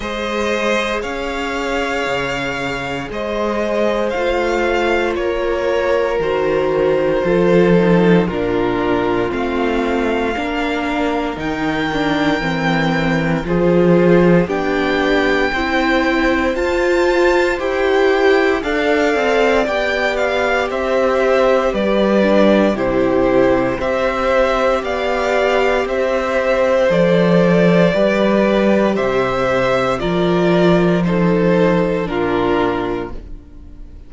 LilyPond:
<<
  \new Staff \with { instrumentName = "violin" } { \time 4/4 \tempo 4 = 58 dis''4 f''2 dis''4 | f''4 cis''4 c''2 | ais'4 f''2 g''4~ | g''4 c''4 g''2 |
a''4 g''4 f''4 g''8 f''8 | e''4 d''4 c''4 e''4 | f''4 e''4 d''2 | e''4 d''4 c''4 ais'4 | }
  \new Staff \with { instrumentName = "violin" } { \time 4/4 c''4 cis''2 c''4~ | c''4 ais'2 a'4 | f'2 ais'2~ | ais'4 gis'4 g'4 c''4~ |
c''2 d''2 | c''4 b'4 g'4 c''4 | d''4 c''2 b'4 | c''4 ais'4 a'4 f'4 | }
  \new Staff \with { instrumentName = "viola" } { \time 4/4 gis'1 | f'2 fis'4 f'8 dis'8 | d'4 c'4 d'4 dis'8 d'8 | c'4 f'4 d'4 e'4 |
f'4 g'4 a'4 g'4~ | g'4. d'8 e'4 g'4~ | g'2 a'4 g'4~ | g'4 f'4 dis'4 d'4 | }
  \new Staff \with { instrumentName = "cello" } { \time 4/4 gis4 cis'4 cis4 gis4 | a4 ais4 dis4 f4 | ais,4 a4 ais4 dis4 | e4 f4 b4 c'4 |
f'4 e'4 d'8 c'8 b4 | c'4 g4 c4 c'4 | b4 c'4 f4 g4 | c4 f2 ais,4 | }
>>